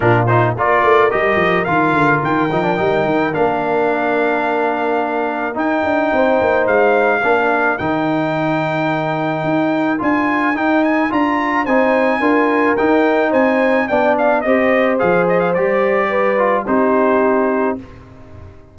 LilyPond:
<<
  \new Staff \with { instrumentName = "trumpet" } { \time 4/4 \tempo 4 = 108 ais'8 c''8 d''4 dis''4 f''4 | g''2 f''2~ | f''2 g''2 | f''2 g''2~ |
g''2 gis''4 g''8 gis''8 | ais''4 gis''2 g''4 | gis''4 g''8 f''8 dis''4 f''8 dis''16 f''16 | d''2 c''2 | }
  \new Staff \with { instrumentName = "horn" } { \time 4/4 f'4 ais'2.~ | ais'1~ | ais'2. c''4~ | c''4 ais'2.~ |
ais'1~ | ais'4 c''4 ais'2 | c''4 d''4 c''2~ | c''4 b'4 g'2 | }
  \new Staff \with { instrumentName = "trombone" } { \time 4/4 d'8 dis'8 f'4 g'4 f'4~ | f'8 dis'16 d'16 dis'4 d'2~ | d'2 dis'2~ | dis'4 d'4 dis'2~ |
dis'2 f'4 dis'4 | f'4 dis'4 f'4 dis'4~ | dis'4 d'4 g'4 gis'4 | g'4. f'8 dis'2 | }
  \new Staff \with { instrumentName = "tuba" } { \time 4/4 ais,4 ais8 a8 g8 f8 dis8 d8 | dis8 f8 g8 dis8 ais2~ | ais2 dis'8 d'8 c'8 ais8 | gis4 ais4 dis2~ |
dis4 dis'4 d'4 dis'4 | d'4 c'4 d'4 dis'4 | c'4 b4 c'4 f4 | g2 c'2 | }
>>